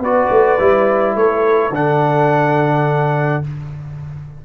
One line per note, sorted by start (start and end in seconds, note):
0.00 0.28 B3
0.00 0.59 F#4
0.00 1.16 B4
0.00 1.17 D5
0.31 0.59 A3
0.59 1.16 G3
0.59 1.72 E4
1.16 1.71 A3
1.16 3.45 A4
1.16 1.74 C#5
1.71 3.40 D3
1.71 3.44 D4
1.71 3.45 F#5